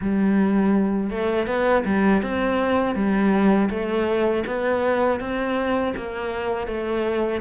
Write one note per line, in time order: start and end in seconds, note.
0.01 1.10 G3
1.10 1.46 A3
1.46 1.84 B3
1.85 2.22 G3
2.22 2.95 C4
2.95 3.69 G3
3.69 4.43 A3
4.46 5.20 B3
5.20 5.94 C4
5.96 6.67 A#3
6.67 7.41 A3